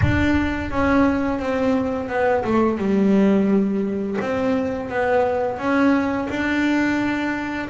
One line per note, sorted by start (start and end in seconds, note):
0.02 0.70 D4
0.70 1.39 C#4
1.39 2.09 C4
2.09 2.44 B3
2.44 2.78 A3
2.78 4.17 G3
4.20 4.89 C4
4.89 5.58 B3
5.58 6.28 C#4
6.29 7.68 D4